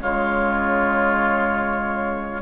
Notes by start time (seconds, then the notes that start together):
0.00 C#3 G#3 F4 C#5